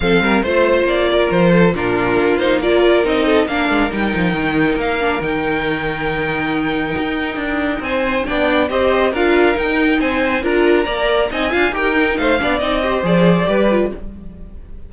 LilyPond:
<<
  \new Staff \with { instrumentName = "violin" } { \time 4/4 \tempo 4 = 138 f''4 c''4 d''4 c''4 | ais'4. c''8 d''4 dis''4 | f''4 g''2 f''4 | g''1~ |
g''2 gis''4 g''4 | dis''4 f''4 g''4 gis''4 | ais''2 gis''4 g''4 | f''4 dis''4 d''2 | }
  \new Staff \with { instrumentName = "violin" } { \time 4/4 a'8 ais'8 c''4. ais'4 a'8 | f'2 ais'4. a'8 | ais'1~ | ais'1~ |
ais'2 c''4 d''4 | c''4 ais'2 c''4 | ais'4 d''4 dis''8 f''8 ais'4 | c''8 d''4 c''4. b'4 | }
  \new Staff \with { instrumentName = "viola" } { \time 4/4 c'4 f'2. | d'4. dis'8 f'4 dis'4 | d'4 dis'2~ dis'8 d'8 | dis'1~ |
dis'2. d'4 | g'4 f'4 dis'2 | f'4 ais'4 dis'8 f'8 g'8 dis'8~ | dis'8 d'8 dis'8 g'8 gis'4 g'8 f'8 | }
  \new Staff \with { instrumentName = "cello" } { \time 4/4 f8 g8 a4 ais4 f4 | ais,4 ais2 c'4 | ais8 gis8 g8 f8 dis4 ais4 | dis1 |
dis'4 d'4 c'4 b4 | c'4 d'4 dis'4 c'4 | d'4 ais4 c'8 d'8 dis'4 | a8 b8 c'4 f4 g4 | }
>>